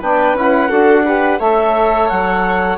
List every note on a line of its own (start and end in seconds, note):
0.00 0.34 B3
0.00 0.36 D4
0.00 0.69 B4
0.00 0.36 G5
0.34 0.69 C#4
0.34 0.68 E4
0.34 1.40 F#5
0.68 1.40 D4
0.68 1.03 F#4
0.68 1.04 A4
1.04 1.38 G4
1.04 1.40 B4
1.38 2.10 A3
1.38 2.78 A4
1.38 2.78 C#5
1.38 2.08 E5
2.08 2.78 F#3
2.08 2.78 F#5